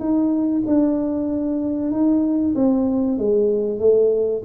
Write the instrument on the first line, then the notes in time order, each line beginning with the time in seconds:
tuba
0.00 D#4
0.67 D4
1.92 D#4
2.56 C4
3.19 G#3
3.80 A3